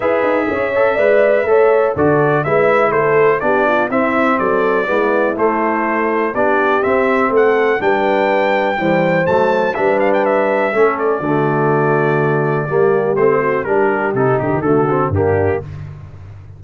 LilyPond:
<<
  \new Staff \with { instrumentName = "trumpet" } { \time 4/4 \tempo 4 = 123 e''1 | d''4 e''4 c''4 d''4 | e''4 d''2 c''4~ | c''4 d''4 e''4 fis''4 |
g''2. a''4 | e''8 f''16 g''16 e''4. d''4.~ | d''2. c''4 | ais'4 a'8 g'8 a'4 g'4 | }
  \new Staff \with { instrumentName = "horn" } { \time 4/4 b'4 cis''4 d''4 cis''4 | a'4 b'4 a'4 g'8 f'8 | e'4 a'4 e'2~ | e'4 g'2 a'4 |
b'2 c''2 | b'2 a'4 fis'4~ | fis'2 g'4. fis'8 | g'2 fis'4 d'4 | }
  \new Staff \with { instrumentName = "trombone" } { \time 4/4 gis'4. a'8 b'4 a'4 | fis'4 e'2 d'4 | c'2 b4 a4~ | a4 d'4 c'2 |
d'2 g4 a4 | d'2 cis'4 a4~ | a2 ais4 c'4 | d'4 dis'4 a8 c'8 ais4 | }
  \new Staff \with { instrumentName = "tuba" } { \time 4/4 e'8 dis'8 cis'4 gis4 a4 | d4 gis4 a4 b4 | c'4 fis4 gis4 a4~ | a4 b4 c'4 a4 |
g2 e4 fis4 | g2 a4 d4~ | d2 g4 a4 | g4 c8 d16 dis16 d4 g,4 | }
>>